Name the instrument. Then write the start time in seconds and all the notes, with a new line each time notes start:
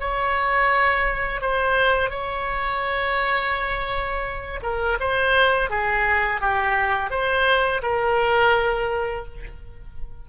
oboe
0.00 C#5
1.41 C5
2.10 C#5
4.63 A#4
5.00 C5
5.70 G#4
6.41 G4
7.10 C5
7.83 A#4